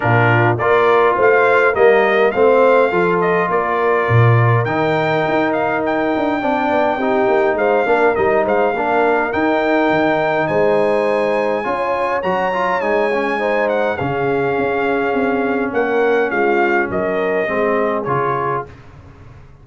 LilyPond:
<<
  \new Staff \with { instrumentName = "trumpet" } { \time 4/4 \tempo 4 = 103 ais'4 d''4 f''4 dis''4 | f''4. dis''8 d''2 | g''4. f''8 g''2~ | g''4 f''4 dis''8 f''4. |
g''2 gis''2~ | gis''4 ais''4 gis''4. fis''8 | f''2. fis''4 | f''4 dis''2 cis''4 | }
  \new Staff \with { instrumentName = "horn" } { \time 4/4 f'4 ais'4 c''4 ais'4 | c''4 a'4 ais'2~ | ais'2. d''4 | g'4 c''8 ais'4 c''8 ais'4~ |
ais'2 c''2 | cis''2. c''4 | gis'2. ais'4 | f'4 ais'4 gis'2 | }
  \new Staff \with { instrumentName = "trombone" } { \time 4/4 d'4 f'2 ais4 | c'4 f'2. | dis'2. d'4 | dis'4. d'8 dis'4 d'4 |
dis'1 | f'4 fis'8 f'8 dis'8 cis'8 dis'4 | cis'1~ | cis'2 c'4 f'4 | }
  \new Staff \with { instrumentName = "tuba" } { \time 4/4 ais,4 ais4 a4 g4 | a4 f4 ais4 ais,4 | dis4 dis'4. d'8 c'8 b8 | c'8 ais8 gis8 ais8 g8 gis8 ais4 |
dis'4 dis4 gis2 | cis'4 fis4 gis2 | cis4 cis'4 c'4 ais4 | gis4 fis4 gis4 cis4 | }
>>